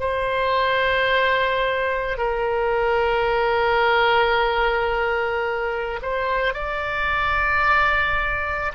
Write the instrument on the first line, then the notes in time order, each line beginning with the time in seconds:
oboe
0.00 C5
2.18 A#4
6.02 C5
6.54 D5